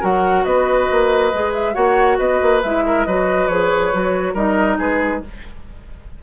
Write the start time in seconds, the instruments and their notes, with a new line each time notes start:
0.00 bassoon F#3, clarinet F#4, oboe A#4, flute F#5
0.43 bassoon B3, oboe B4, flute D#5
0.91 bassoon A#3
1.33 bassoon G#3, clarinet G#4
1.53 flute E5
1.73 bassoon A#3, clarinet F#4, oboe C#5, flute F#5
2.18 bassoon B3, oboe B4, flute D#5
2.42 bassoon A#3
2.62 bassoon G#3, clarinet E4, flute E5
2.86 oboe A#4
3.05 bassoon F#3, clarinet F#4, oboe B4, flute D#5
3.47 bassoon F3, clarinet G#4, flute C#5
3.92 bassoon F#3, clarinet F#4
4.33 bassoon G3, clarinet D#4, oboe A#4, flute D#5
4.78 bassoon G#3, oboe G#4, flute B4